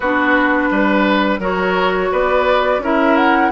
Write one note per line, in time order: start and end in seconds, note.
0.00 0.69 B3
0.00 1.40 D4
0.00 0.69 F#4
0.00 1.41 B4
0.70 1.39 G3
0.70 1.40 B4
1.39 2.10 F#3
1.39 2.81 F#4
1.39 2.10 A#4
1.39 2.12 C#5
2.11 2.78 B3
2.11 2.82 B4
2.11 2.83 D5
2.78 3.49 C#4
2.78 3.51 E4
2.78 3.51 A#4
2.78 3.16 E5
3.16 3.51 F#5